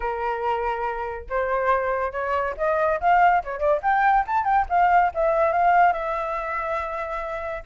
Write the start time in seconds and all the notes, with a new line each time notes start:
0.00 A#4
1.29 C5
2.11 C#5
2.57 D#5
3.00 F5
3.44 C#5
3.59 D5
3.82 G5
4.26 A5
4.44 G5
4.69 F5
5.14 E5
5.52 F5
5.92 E5